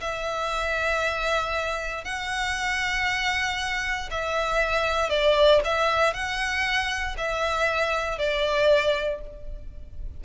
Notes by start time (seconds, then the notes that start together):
0.00 E5
2.04 F#5
4.11 E5
5.09 D5
5.64 E5
6.13 F#5
7.17 E5
8.18 D5